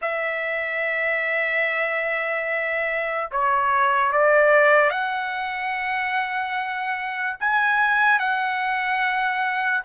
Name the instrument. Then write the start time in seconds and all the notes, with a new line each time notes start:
trumpet
0.01 E5
3.31 C#5
4.12 D5
4.90 F#5
7.40 G#5
8.19 F#5